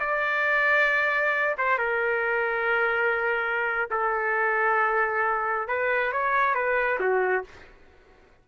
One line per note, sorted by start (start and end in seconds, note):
0.00 1.56 D5
1.58 1.78 C5
1.78 3.89 A#4
3.91 5.68 A4
5.68 6.12 B4
6.12 6.55 C#5
6.55 6.99 B4
7.00 7.44 F#4